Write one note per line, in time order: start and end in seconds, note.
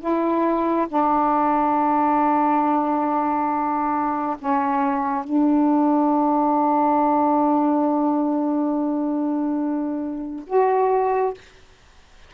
0.00 0.87 E4
0.89 4.36 D4
4.39 5.24 C#4
5.24 10.45 D4
10.47 11.34 F#4